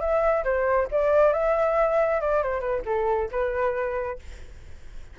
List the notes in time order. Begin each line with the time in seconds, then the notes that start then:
0.00 E5
0.44 C5
0.91 D5
1.33 E5
2.21 D5
2.42 C5
2.60 B4
2.85 A4
3.31 B4